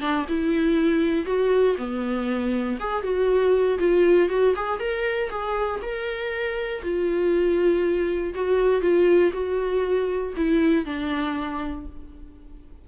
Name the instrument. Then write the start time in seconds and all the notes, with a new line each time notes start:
viola
0.00 D4
0.28 E4
1.25 F#4
1.77 B3
2.79 G#4
3.02 F#4
3.79 F4
4.29 F#4
4.55 G#4
4.79 A#4
5.29 G#4
5.82 A#4
6.82 F4
8.34 F#4
8.81 F4
9.33 F#4
10.36 E4
10.85 D4